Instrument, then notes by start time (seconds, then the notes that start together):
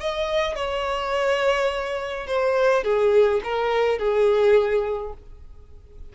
violin
0.00 D#5
0.55 C#5
2.27 C5
2.84 G#4
3.44 A#4
3.98 G#4